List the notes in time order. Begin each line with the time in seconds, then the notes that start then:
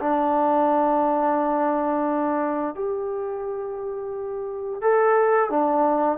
0.00 D4
2.75 G4
4.82 A4
5.50 D4